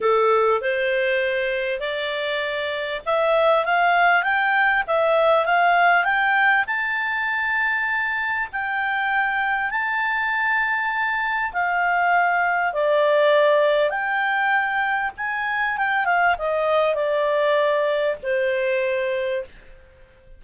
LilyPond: \new Staff \with { instrumentName = "clarinet" } { \time 4/4 \tempo 4 = 99 a'4 c''2 d''4~ | d''4 e''4 f''4 g''4 | e''4 f''4 g''4 a''4~ | a''2 g''2 |
a''2. f''4~ | f''4 d''2 g''4~ | g''4 gis''4 g''8 f''8 dis''4 | d''2 c''2 | }